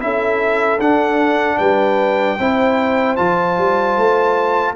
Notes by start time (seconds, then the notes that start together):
0.00 C#4 E4 A4 E5
0.80 D4 F#5
1.58 G3 B4 G5
2.39 C4 E4 C5
3.17 F3 F4 A5
3.58 G3
3.97 A3